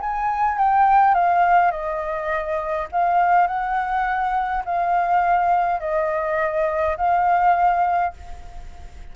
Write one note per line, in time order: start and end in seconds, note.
0.00 0.58 G#5
0.58 1.14 G5
1.14 1.71 F5
1.71 2.87 D#5
2.92 3.47 F5
3.47 4.63 F#5
4.65 5.80 F5
5.80 6.96 D#5
6.97 8.13 F5